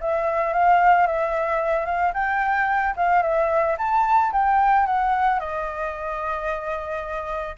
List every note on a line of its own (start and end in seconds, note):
0.00 0.53 E5
0.53 1.06 F5
1.06 1.85 E5
1.85 2.12 F5
2.13 2.94 G5
2.96 3.22 F5
3.22 3.76 E5
3.78 4.32 A5
4.32 4.86 G5
4.86 5.39 F#5
5.39 7.55 D#5